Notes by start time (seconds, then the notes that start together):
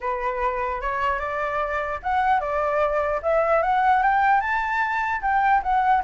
0.00 B4
0.81 C#5
1.19 D5
2.02 F#5
2.40 D5
3.22 E5
3.62 F#5
4.02 G5
4.40 A5
5.21 G5
5.63 F#5